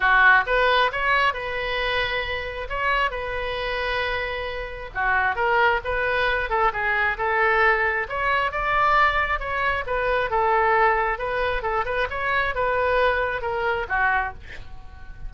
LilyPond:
\new Staff \with { instrumentName = "oboe" } { \time 4/4 \tempo 4 = 134 fis'4 b'4 cis''4 b'4~ | b'2 cis''4 b'4~ | b'2. fis'4 | ais'4 b'4. a'8 gis'4 |
a'2 cis''4 d''4~ | d''4 cis''4 b'4 a'4~ | a'4 b'4 a'8 b'8 cis''4 | b'2 ais'4 fis'4 | }